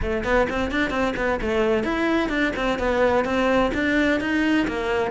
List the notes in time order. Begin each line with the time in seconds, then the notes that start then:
0.02 A3
0.23 B3
0.49 C4
0.71 D4
0.90 C4
1.16 B3
1.41 A3
1.83 E4
2.29 D4
2.56 C4
2.78 B3
3.24 C4
3.74 D4
4.20 D#4
4.67 A#3